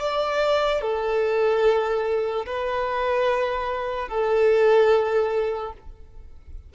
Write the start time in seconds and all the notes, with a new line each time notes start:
0.00 D5
0.81 A4
2.47 B4
4.09 A4